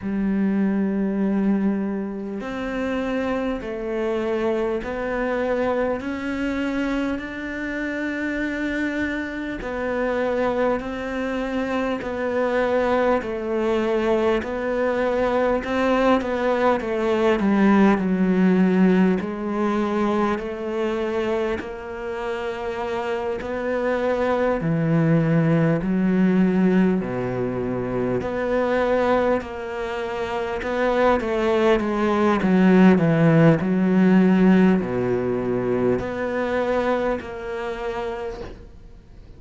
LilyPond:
\new Staff \with { instrumentName = "cello" } { \time 4/4 \tempo 4 = 50 g2 c'4 a4 | b4 cis'4 d'2 | b4 c'4 b4 a4 | b4 c'8 b8 a8 g8 fis4 |
gis4 a4 ais4. b8~ | b8 e4 fis4 b,4 b8~ | b8 ais4 b8 a8 gis8 fis8 e8 | fis4 b,4 b4 ais4 | }